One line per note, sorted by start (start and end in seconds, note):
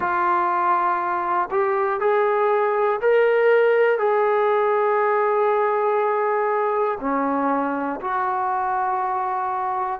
0.00 1.49 F4
1.50 2.00 G4
2.00 3.00 G#4
3.00 3.98 A#4
3.98 6.98 G#4
7.00 8.00 C#4
8.00 10.00 F#4